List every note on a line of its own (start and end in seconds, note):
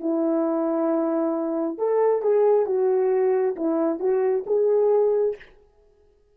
0.00 1.78 E4
1.78 2.22 A4
2.22 2.66 G#4
2.66 3.55 F#4
3.56 3.99 E4
3.99 4.44 F#4
4.47 5.36 G#4